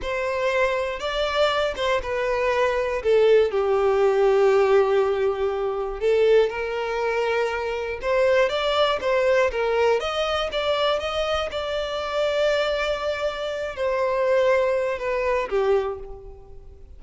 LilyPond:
\new Staff \with { instrumentName = "violin" } { \time 4/4 \tempo 4 = 120 c''2 d''4. c''8 | b'2 a'4 g'4~ | g'1 | a'4 ais'2. |
c''4 d''4 c''4 ais'4 | dis''4 d''4 dis''4 d''4~ | d''2.~ d''8 c''8~ | c''2 b'4 g'4 | }